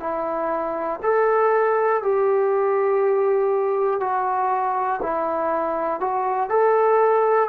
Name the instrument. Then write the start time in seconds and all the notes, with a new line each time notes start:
trombone
0.00 E4
1.02 A4
2.03 G4
4.00 F#4
5.02 E4
6.00 F#4
6.49 A4